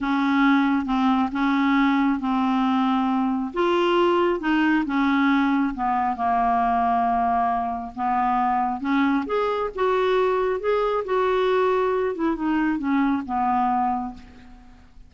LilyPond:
\new Staff \with { instrumentName = "clarinet" } { \time 4/4 \tempo 4 = 136 cis'2 c'4 cis'4~ | cis'4 c'2. | f'2 dis'4 cis'4~ | cis'4 b4 ais2~ |
ais2 b2 | cis'4 gis'4 fis'2 | gis'4 fis'2~ fis'8 e'8 | dis'4 cis'4 b2 | }